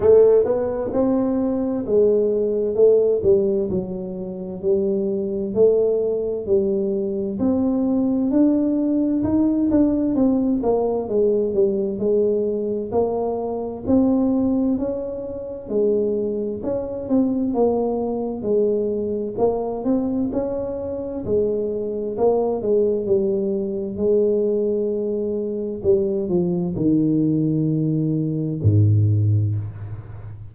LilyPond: \new Staff \with { instrumentName = "tuba" } { \time 4/4 \tempo 4 = 65 a8 b8 c'4 gis4 a8 g8 | fis4 g4 a4 g4 | c'4 d'4 dis'8 d'8 c'8 ais8 | gis8 g8 gis4 ais4 c'4 |
cis'4 gis4 cis'8 c'8 ais4 | gis4 ais8 c'8 cis'4 gis4 | ais8 gis8 g4 gis2 | g8 f8 dis2 gis,4 | }